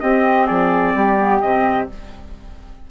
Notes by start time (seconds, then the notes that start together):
0.00 C4 G4 D#5
0.46 F3 G#4 D5
0.94 G3 G4
1.17 B3
1.41 C3 C4 D#5